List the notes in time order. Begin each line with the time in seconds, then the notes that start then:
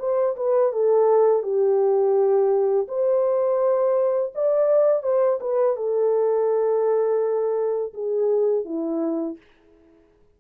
0.00 C5
0.37 B4
0.73 A4
1.43 G4
2.88 C5
4.35 D5
5.03 C5
5.41 B4
5.77 A4
7.94 G#4
8.65 E4